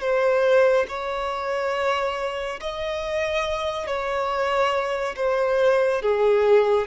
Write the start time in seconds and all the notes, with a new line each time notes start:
0.00 C5
0.88 C#5
2.60 D#5
3.86 C#5
5.16 C5
6.02 G#4